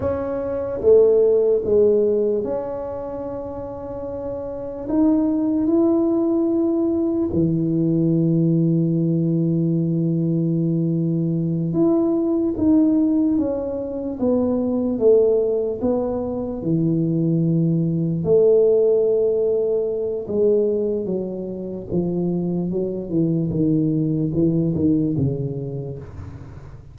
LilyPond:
\new Staff \with { instrumentName = "tuba" } { \time 4/4 \tempo 4 = 74 cis'4 a4 gis4 cis'4~ | cis'2 dis'4 e'4~ | e'4 e2.~ | e2~ e8 e'4 dis'8~ |
dis'8 cis'4 b4 a4 b8~ | b8 e2 a4.~ | a4 gis4 fis4 f4 | fis8 e8 dis4 e8 dis8 cis4 | }